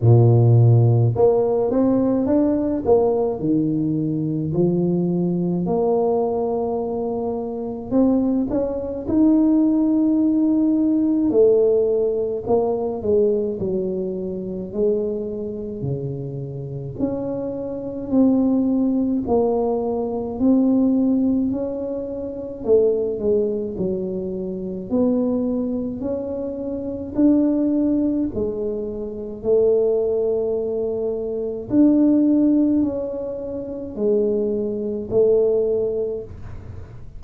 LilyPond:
\new Staff \with { instrumentName = "tuba" } { \time 4/4 \tempo 4 = 53 ais,4 ais8 c'8 d'8 ais8 dis4 | f4 ais2 c'8 cis'8 | dis'2 a4 ais8 gis8 | fis4 gis4 cis4 cis'4 |
c'4 ais4 c'4 cis'4 | a8 gis8 fis4 b4 cis'4 | d'4 gis4 a2 | d'4 cis'4 gis4 a4 | }